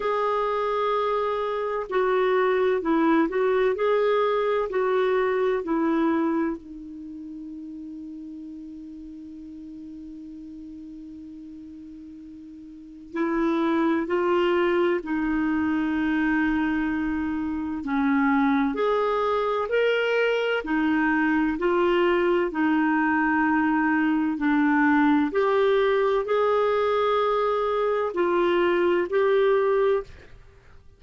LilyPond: \new Staff \with { instrumentName = "clarinet" } { \time 4/4 \tempo 4 = 64 gis'2 fis'4 e'8 fis'8 | gis'4 fis'4 e'4 dis'4~ | dis'1~ | dis'2 e'4 f'4 |
dis'2. cis'4 | gis'4 ais'4 dis'4 f'4 | dis'2 d'4 g'4 | gis'2 f'4 g'4 | }